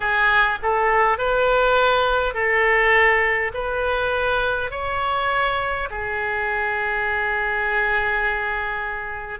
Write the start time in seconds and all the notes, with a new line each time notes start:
0.00 G#4
0.62 A4
1.18 B4
2.34 A4
3.53 B4
4.71 C#5
5.90 G#4